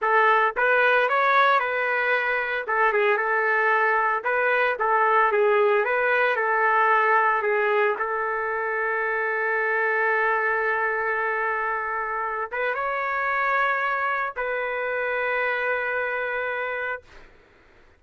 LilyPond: \new Staff \with { instrumentName = "trumpet" } { \time 4/4 \tempo 4 = 113 a'4 b'4 cis''4 b'4~ | b'4 a'8 gis'8 a'2 | b'4 a'4 gis'4 b'4 | a'2 gis'4 a'4~ |
a'1~ | a'2.~ a'8 b'8 | cis''2. b'4~ | b'1 | }